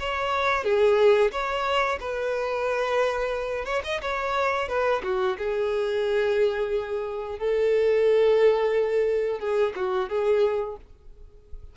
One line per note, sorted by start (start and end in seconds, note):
0.00 0.64 C#5
0.64 1.31 G#4
1.32 1.99 C#5
2.00 3.65 B4
3.65 3.82 C#5
3.84 4.01 D#5
4.02 4.69 C#5
4.69 5.02 B4
5.03 5.37 F#4
5.38 7.39 G#4
7.39 9.40 A4
9.40 9.74 G#4
9.76 10.09 F#4
10.09 10.77 G#4